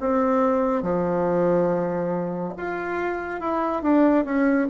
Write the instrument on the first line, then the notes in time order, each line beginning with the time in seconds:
bassoon
0.00 C4
0.82 F3
2.57 F4
3.40 E4
3.82 D4
4.24 C#4